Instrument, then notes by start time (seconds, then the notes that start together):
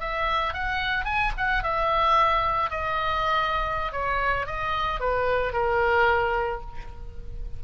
oboe
0.00 E5
0.54 F#5
1.05 G#5
1.37 F#5
1.63 E5
2.71 D#5
3.92 C#5
4.46 D#5
5.00 B4
5.53 A#4